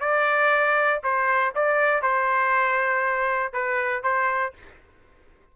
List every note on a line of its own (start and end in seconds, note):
0.00 1.01 D5
1.03 1.54 C5
1.55 2.02 D5
2.02 3.53 C5
3.53 4.03 B4
4.03 4.53 C5